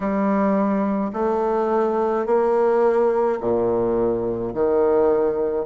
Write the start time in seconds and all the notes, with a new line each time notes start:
0.00 G3
1.13 A3
2.26 A#3
3.40 A#2
4.53 D#3